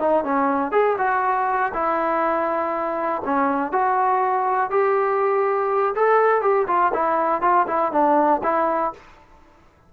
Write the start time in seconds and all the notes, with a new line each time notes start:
0.00 D#4
0.24 C#4
0.72 G#4
0.99 F#4
1.74 E4
3.25 C#4
3.73 F#4
4.71 G4
5.96 A4
6.42 G4
6.68 F4
6.94 E4
7.42 F4
7.68 E4
7.92 D4
8.43 E4